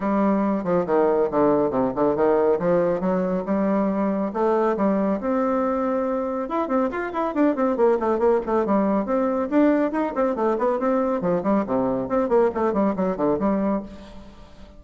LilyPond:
\new Staff \with { instrumentName = "bassoon" } { \time 4/4 \tempo 4 = 139 g4. f8 dis4 d4 | c8 d8 dis4 f4 fis4 | g2 a4 g4 | c'2. e'8 c'8 |
f'8 e'8 d'8 c'8 ais8 a8 ais8 a8 | g4 c'4 d'4 dis'8 c'8 | a8 b8 c'4 f8 g8 c4 | c'8 ais8 a8 g8 fis8 d8 g4 | }